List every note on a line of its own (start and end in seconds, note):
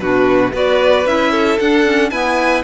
0.00 0.53 B2
0.00 0.53 D4
0.00 0.54 F#4
0.00 0.53 B4
0.53 1.06 B3
0.53 1.06 F#4
0.53 1.32 B4
0.53 1.07 D5
1.06 1.59 C#4
1.06 1.59 E4
1.06 1.60 E5
1.32 2.11 A4
1.60 1.85 D4
1.60 2.11 D4
1.60 2.10 F#5
1.85 2.11 C#4
2.10 2.64 B3
2.10 2.64 E4
2.10 2.64 B4
2.10 2.63 G#5